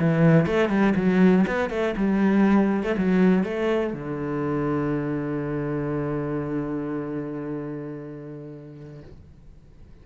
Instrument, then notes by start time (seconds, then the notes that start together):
cello
0.00 E3
0.46 A3
0.69 G3
0.96 F#3
1.47 B3
1.70 A3
1.97 G3
2.84 A3
2.98 F#3
3.44 A3
3.94 D3